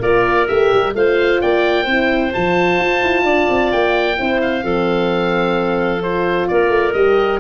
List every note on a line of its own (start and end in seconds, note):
0.00 0.46 A#3
0.00 0.48 F4
0.00 0.92 A#4
0.00 0.47 D5
0.47 0.73 A3
0.47 0.95 G4
0.47 0.94 E5
0.74 0.94 G3
0.94 1.40 A3
0.94 1.88 F4
0.94 1.42 C5
0.94 1.41 F5
1.41 1.86 A#3
1.41 1.84 D5
1.41 2.33 G5
1.84 2.32 C4
1.84 2.33 E4
1.84 3.22 C5
2.33 2.79 F3
2.33 4.17 F4
2.33 3.72 A5
2.79 3.02 F4
3.03 3.23 E4
3.23 3.46 D4
3.23 4.17 D5
3.50 3.73 C4
3.72 4.19 A#3
3.72 4.41 G5
4.17 4.64 C4
4.17 4.62 E4
4.17 4.64 C5
4.42 6.03 F5
4.62 6.49 F3
4.62 6.01 C4
4.62 6.48 A4
6.01 6.93 F4
6.01 6.48 C5
6.48 6.69 A#3
6.48 7.40 A#4
6.48 6.93 D5
6.69 6.92 A3
6.93 7.40 G3
6.93 7.40 G4
6.93 7.39 D#5